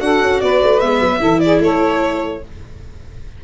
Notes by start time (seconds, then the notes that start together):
0.00 D4 F#4 A4 F#5
0.21 C#4
0.40 B3 B4 D5
0.62 A3
0.80 G#3 B3 E5
1.00 F#3
1.20 E3 E4 A4
1.40 G#4 D5
1.59 A3 A4 C#5